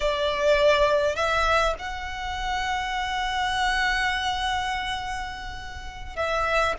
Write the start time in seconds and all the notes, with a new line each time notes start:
0.00 D5
1.15 E5
1.78 F#5
6.16 E5